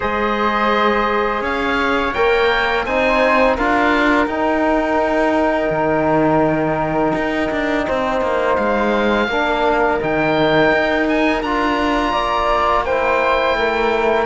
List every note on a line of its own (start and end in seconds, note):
0.00 1.41 G#3
0.00 2.13 G#4
0.00 1.41 C5
0.00 1.43 D#5
1.41 2.12 C#4
1.41 2.84 C#5
1.41 2.13 F5
2.13 2.86 A#3
2.13 2.86 A#4
2.13 2.85 G5
2.85 3.57 C4
2.85 3.58 D#4
2.85 3.55 C5
2.85 3.56 G#5
3.55 4.26 D4
3.55 4.28 F4
3.55 7.84 A#4
3.55 4.26 F5
4.26 5.69 D#4
4.26 9.28 D#4
4.26 8.55 G5
5.69 7.12 D#3
7.14 7.50 D#4
7.51 7.87 D4
7.87 8.21 C4
7.87 9.28 C5
8.21 8.57 A#3
8.55 9.28 G#3
8.55 9.98 F5
9.28 9.99 A#3
9.28 10.00 D4
9.28 12.11 A#4
10.00 10.71 D#3
10.00 11.43 D#4
10.00 11.07 G5
10.71 11.42 D#4
11.07 11.42 G#5
11.42 12.12 D4
11.42 12.87 F4
11.42 12.85 A#5
12.11 13.55 A#3
12.11 12.83 D5
12.85 14.26 E4
12.85 13.57 C5
12.85 14.26 G5
13.55 14.26 A3
13.55 14.26 A#4